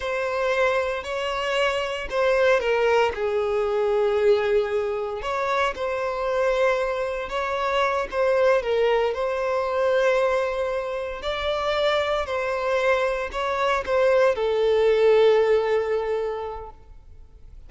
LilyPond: \new Staff \with { instrumentName = "violin" } { \time 4/4 \tempo 4 = 115 c''2 cis''2 | c''4 ais'4 gis'2~ | gis'2 cis''4 c''4~ | c''2 cis''4. c''8~ |
c''8 ais'4 c''2~ c''8~ | c''4. d''2 c''8~ | c''4. cis''4 c''4 a'8~ | a'1 | }